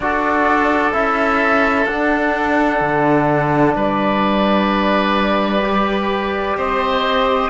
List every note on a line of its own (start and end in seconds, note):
0.00 0.93 D4
0.00 0.93 F#4
0.00 3.75 A4
0.00 0.93 D5
0.93 1.86 C#4
0.93 1.86 E4
0.93 1.85 E5
1.85 2.79 D4
1.85 5.62 D4
1.85 3.73 F#5
2.80 3.74 D3
3.75 6.56 G3
3.75 6.56 B4
3.75 6.57 D5
5.62 7.50 G4
6.57 7.50 C4
6.57 7.50 C5
6.57 7.50 D#5